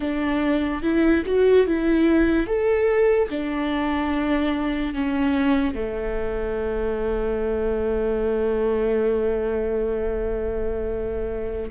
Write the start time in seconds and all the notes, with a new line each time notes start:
0.00 D4
0.82 E4
1.26 F#4
1.66 E4
2.46 A4
3.29 D4
4.94 C#4
5.74 A3